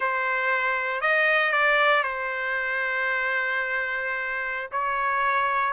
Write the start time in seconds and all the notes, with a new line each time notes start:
0.00 C5
1.01 D#5
1.52 D5
2.03 C5
4.71 C#5